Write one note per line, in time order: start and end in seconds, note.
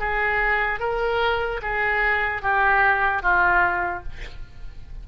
0.00 0.80 G#4
0.80 1.61 A#4
1.63 2.42 G#4
2.42 3.22 G4
3.22 4.04 F4